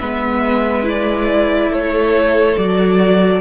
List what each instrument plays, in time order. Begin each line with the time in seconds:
0.00 cello G#3, viola B3, violin B4 E5
0.84 viola E4, violin D5
1.71 cello A3, violin A4 C#5
2.57 cello F#3, viola F#4, violin D5